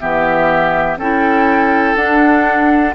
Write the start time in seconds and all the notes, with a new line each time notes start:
0.00 E3 B3 G4 E5
0.97 C#4 E4 A4 G5
1.96 D4 F#5